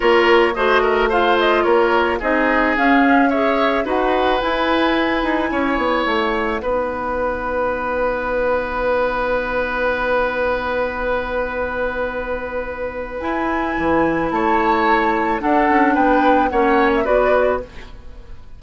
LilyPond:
<<
  \new Staff \with { instrumentName = "flute" } { \time 4/4 \tempo 4 = 109 cis''4 dis''4 f''8 dis''8 cis''4 | dis''4 f''4 e''4 fis''4 | gis''2. fis''4~ | fis''1~ |
fis''1~ | fis''1 | gis''2 a''2 | fis''4 g''4 fis''8. e''16 d''4 | }
  \new Staff \with { instrumentName = "oboe" } { \time 4/4 ais'4 c''8 ais'8 c''4 ais'4 | gis'2 cis''4 b'4~ | b'2 cis''2 | b'1~ |
b'1~ | b'1~ | b'2 cis''2 | a'4 b'4 cis''4 b'4 | }
  \new Staff \with { instrumentName = "clarinet" } { \time 4/4 f'4 fis'4 f'2 | dis'4 cis'4 gis'4 fis'4 | e'1 | dis'1~ |
dis'1~ | dis'1 | e'1 | d'2 cis'4 fis'4 | }
  \new Staff \with { instrumentName = "bassoon" } { \time 4/4 ais4 a2 ais4 | c'4 cis'2 dis'4 | e'4. dis'8 cis'8 b8 a4 | b1~ |
b1~ | b1 | e'4 e4 a2 | d'8 cis'8 b4 ais4 b4 | }
>>